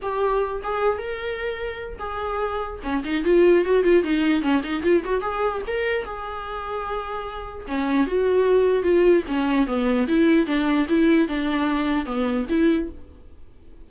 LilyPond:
\new Staff \with { instrumentName = "viola" } { \time 4/4 \tempo 4 = 149 g'4. gis'4 ais'4.~ | ais'4 gis'2 cis'8 dis'8 | f'4 fis'8 f'8 dis'4 cis'8 dis'8 | f'8 fis'8 gis'4 ais'4 gis'4~ |
gis'2. cis'4 | fis'2 f'4 cis'4 | b4 e'4 d'4 e'4 | d'2 b4 e'4 | }